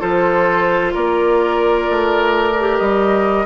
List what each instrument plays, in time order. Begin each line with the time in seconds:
0.00 bassoon F3, clarinet F4, oboe A4, flute C5
0.94 bassoon A#3, oboe A#4, flute D5
1.90 bassoon A3
2.60 clarinet G4
2.78 bassoon G3, flute D#5